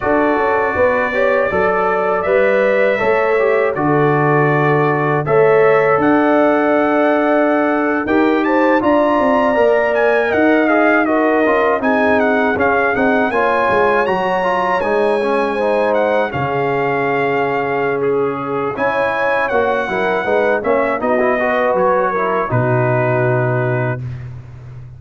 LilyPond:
<<
  \new Staff \with { instrumentName = "trumpet" } { \time 4/4 \tempo 4 = 80 d''2. e''4~ | e''4 d''2 e''4 | fis''2~ fis''8. g''8 a''8 ais''16~ | ais''4~ ais''16 gis''8 fis''8 f''8 dis''4 gis''16~ |
gis''16 fis''8 f''8 fis''8 gis''4 ais''4 gis''16~ | gis''4~ gis''16 fis''8 f''2~ f''16 | gis'4 gis''4 fis''4. e''8 | dis''4 cis''4 b'2 | }
  \new Staff \with { instrumentName = "horn" } { \time 4/4 a'4 b'8 cis''8 d''2 | cis''4 a'2 cis''4 | d''2~ d''8. ais'8 c''8 d''16~ | d''4.~ d''16 dis''4 ais'4 gis'16~ |
gis'4.~ gis'16 cis''2~ cis''16~ | cis''8. c''4 gis'2~ gis'16~ | gis'4 cis''4. ais'8 b'8 cis''8 | fis'8 b'4 ais'8 fis'2 | }
  \new Staff \with { instrumentName = "trombone" } { \time 4/4 fis'4. g'8 a'4 b'4 | a'8 g'8 fis'2 a'4~ | a'2~ a'8. g'4 f'16~ | f'8. ais'4. gis'8 fis'8 f'8 dis'16~ |
dis'8. cis'8 dis'8 f'4 fis'8 f'8 dis'16~ | dis'16 cis'8 dis'4 cis'2~ cis'16~ | cis'4 e'4 fis'8 e'8 dis'8 cis'8 | dis'16 e'16 fis'4 e'8 dis'2 | }
  \new Staff \with { instrumentName = "tuba" } { \time 4/4 d'8 cis'8 b4 fis4 g4 | a4 d2 a4 | d'2~ d'8. dis'4 d'16~ | d'16 c'8 ais4 dis'4. cis'8 c'16~ |
c'8. cis'8 c'8 ais8 gis8 fis4 gis16~ | gis4.~ gis16 cis2~ cis16~ | cis4 cis'4 ais8 fis8 gis8 ais8 | b4 fis4 b,2 | }
>>